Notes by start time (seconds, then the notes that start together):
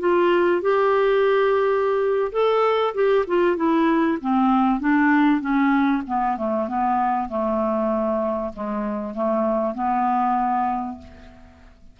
0.00 F4
0.62 G4
2.32 A4
2.94 G4
3.27 F4
3.56 E4
4.21 C4
4.80 D4
5.41 C#4
6.07 B3
6.37 A3
6.68 B3
7.29 A3
8.53 G#3
9.15 A3
9.75 B3